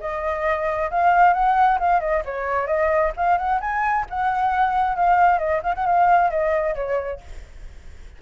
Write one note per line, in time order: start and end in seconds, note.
0.00 0.90 D#5
0.90 1.33 F5
1.33 1.79 F#5
1.79 2.00 F5
2.00 2.23 D#5
2.25 2.67 C#5
2.67 3.12 D#5
3.17 3.38 F5
3.38 3.60 F#5
3.61 4.06 G#5
4.10 4.96 F#5
4.96 5.39 F5
5.39 5.61 D#5
5.63 5.74 F5
5.75 5.86 F#5
5.86 6.30 F5
6.30 6.75 D#5
6.75 7.20 C#5